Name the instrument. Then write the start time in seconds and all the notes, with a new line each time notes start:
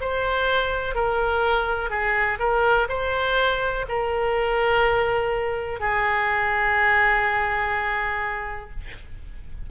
oboe
0.00 C5
0.95 A#4
1.90 G#4
2.39 A#4
2.88 C5
3.88 A#4
5.80 G#4